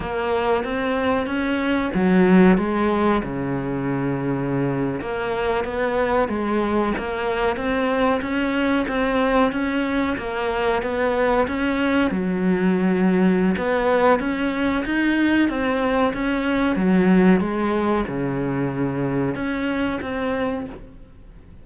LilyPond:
\new Staff \with { instrumentName = "cello" } { \time 4/4 \tempo 4 = 93 ais4 c'4 cis'4 fis4 | gis4 cis2~ cis8. ais16~ | ais8. b4 gis4 ais4 c'16~ | c'8. cis'4 c'4 cis'4 ais16~ |
ais8. b4 cis'4 fis4~ fis16~ | fis4 b4 cis'4 dis'4 | c'4 cis'4 fis4 gis4 | cis2 cis'4 c'4 | }